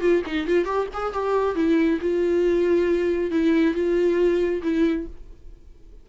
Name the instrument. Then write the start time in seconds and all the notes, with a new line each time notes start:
viola
0.00 F4
0.26 D#4
0.47 F4
0.65 G4
0.93 G#4
1.13 G4
1.55 E4
2.01 F4
3.31 E4
3.74 F4
4.62 E4